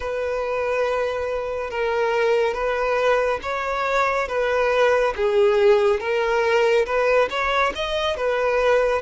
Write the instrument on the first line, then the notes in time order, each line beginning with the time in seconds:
violin
0.00 B4
1.70 A#4
2.54 B4
3.42 C#5
4.27 B4
5.15 G#4
6.00 A#4
6.86 B4
7.29 C#5
7.75 D#5
8.16 B4